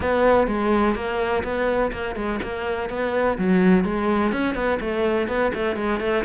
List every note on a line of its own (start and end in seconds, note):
0.00 0.47 B3
0.47 0.95 G#3
0.95 1.43 A#3
1.43 1.91 B3
1.92 2.15 A#3
2.15 2.39 G#3
2.42 2.89 A#3
2.89 3.37 B3
3.38 3.84 F#3
3.84 4.32 G#3
4.32 4.54 C#4
4.54 4.78 B3
4.80 5.28 A3
5.28 5.52 B3
5.54 5.76 A3
5.76 6.00 G#3
6.00 6.24 A3